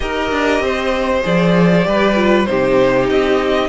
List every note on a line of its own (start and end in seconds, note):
0.00 0.31 D#4
0.00 1.23 G4
0.00 0.63 A#4
0.00 1.23 D#5
0.31 0.59 D4
0.59 1.21 C4
0.59 1.86 C5
1.23 1.85 F3
1.23 1.84 G#4
1.23 2.45 D5
1.84 2.47 G3
1.84 2.14 G4
1.84 2.48 B4
2.15 2.46 F4
2.45 3.09 C3
2.45 3.69 D#4
2.45 3.69 G4
2.45 3.06 C5
3.09 3.69 C4
3.09 3.69 D#5